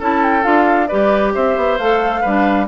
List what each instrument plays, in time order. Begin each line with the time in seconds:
0.00 bassoon C#4, clarinet E4, oboe A4, flute A5
0.24 flute G5
0.43 bassoon D4, clarinet F4, flute F5
0.87 bassoon G3, clarinet G4, oboe B4, flute D5
1.35 bassoon C4, oboe C5, flute E5
1.57 bassoon B3
1.78 bassoon A3, clarinet A4, flute F5
2.21 bassoon G3, clarinet D4, oboe B4